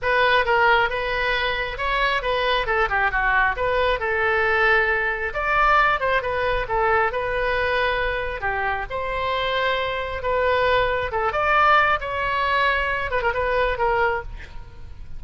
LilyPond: \new Staff \with { instrumentName = "oboe" } { \time 4/4 \tempo 4 = 135 b'4 ais'4 b'2 | cis''4 b'4 a'8 g'8 fis'4 | b'4 a'2. | d''4. c''8 b'4 a'4 |
b'2. g'4 | c''2. b'4~ | b'4 a'8 d''4. cis''4~ | cis''4. b'16 ais'16 b'4 ais'4 | }